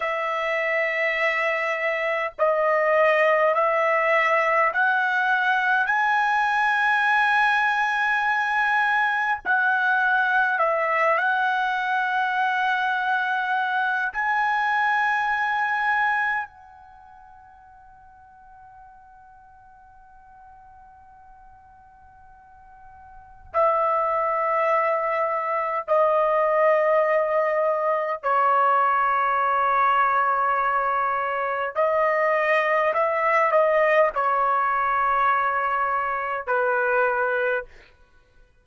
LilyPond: \new Staff \with { instrumentName = "trumpet" } { \time 4/4 \tempo 4 = 51 e''2 dis''4 e''4 | fis''4 gis''2. | fis''4 e''8 fis''2~ fis''8 | gis''2 fis''2~ |
fis''1 | e''2 dis''2 | cis''2. dis''4 | e''8 dis''8 cis''2 b'4 | }